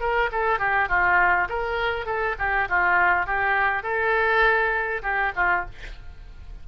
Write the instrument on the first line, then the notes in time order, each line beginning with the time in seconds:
oboe
0.00 A#4
0.32 A4
0.59 G4
0.89 F4
1.49 A#4
2.06 A4
2.38 G4
2.69 F4
3.26 G4
3.83 A4
5.03 G4
5.36 F4